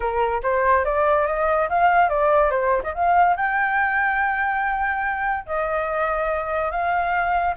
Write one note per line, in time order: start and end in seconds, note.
0.00 0.41 A#4
0.42 0.84 C5
0.84 1.26 D5
1.26 1.68 D#5
1.69 2.09 F5
2.09 2.50 D5
2.50 2.82 C5
2.83 2.94 D#5
2.94 3.36 F5
3.36 5.46 G5
5.46 6.71 D#5
6.71 7.54 F5